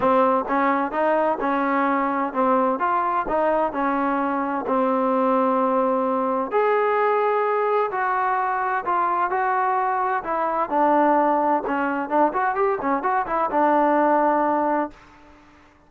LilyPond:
\new Staff \with { instrumentName = "trombone" } { \time 4/4 \tempo 4 = 129 c'4 cis'4 dis'4 cis'4~ | cis'4 c'4 f'4 dis'4 | cis'2 c'2~ | c'2 gis'2~ |
gis'4 fis'2 f'4 | fis'2 e'4 d'4~ | d'4 cis'4 d'8 fis'8 g'8 cis'8 | fis'8 e'8 d'2. | }